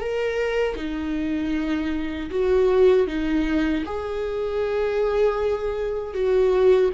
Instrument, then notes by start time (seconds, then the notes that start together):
viola
0.00 A#4
0.76 D#4
2.30 F#4
3.07 D#4
3.85 G#4
6.14 F#4